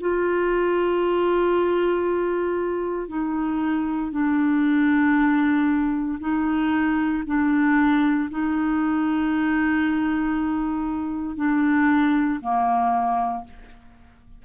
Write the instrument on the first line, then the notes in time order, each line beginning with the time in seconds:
clarinet
0.00 F4
3.08 D#4
4.11 D4
6.19 D#4
7.26 D4
8.30 D#4
11.36 D4
12.40 A#3